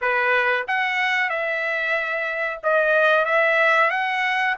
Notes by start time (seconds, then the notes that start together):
0.01 B4
0.67 F#5
1.29 E5
2.63 D#5
3.25 E5
3.90 F#5